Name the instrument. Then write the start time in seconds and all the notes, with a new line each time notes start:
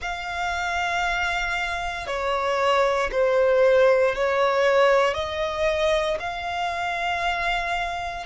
violin
0.01 F5
2.06 C#5
3.11 C5
4.15 C#5
5.14 D#5
6.19 F5